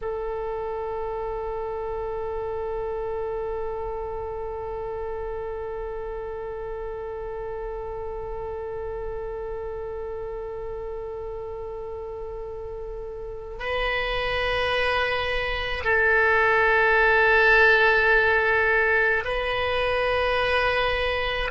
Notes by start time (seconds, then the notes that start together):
0.01 A4
13.58 B4
15.84 A4
19.24 B4